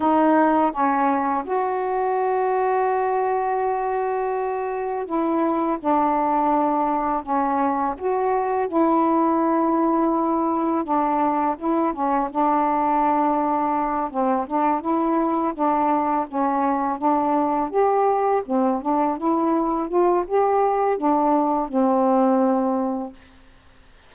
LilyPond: \new Staff \with { instrumentName = "saxophone" } { \time 4/4 \tempo 4 = 83 dis'4 cis'4 fis'2~ | fis'2. e'4 | d'2 cis'4 fis'4 | e'2. d'4 |
e'8 cis'8 d'2~ d'8 c'8 | d'8 e'4 d'4 cis'4 d'8~ | d'8 g'4 c'8 d'8 e'4 f'8 | g'4 d'4 c'2 | }